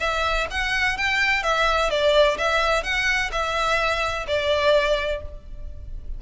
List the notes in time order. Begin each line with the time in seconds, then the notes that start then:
0.00 E5
0.51 F#5
0.98 G5
1.43 E5
1.90 D5
2.38 E5
2.84 F#5
3.32 E5
4.28 D5